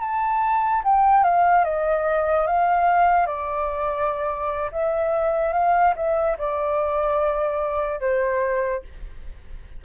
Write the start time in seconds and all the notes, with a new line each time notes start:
0.00 A5
0.84 G5
1.24 F5
1.64 D#5
2.47 F5
3.27 D5
4.71 E5
5.53 F5
5.96 E5
6.38 D5
8.00 C5